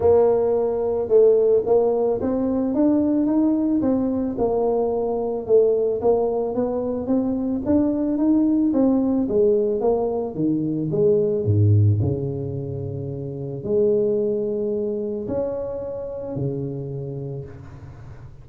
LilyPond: \new Staff \with { instrumentName = "tuba" } { \time 4/4 \tempo 4 = 110 ais2 a4 ais4 | c'4 d'4 dis'4 c'4 | ais2 a4 ais4 | b4 c'4 d'4 dis'4 |
c'4 gis4 ais4 dis4 | gis4 gis,4 cis2~ | cis4 gis2. | cis'2 cis2 | }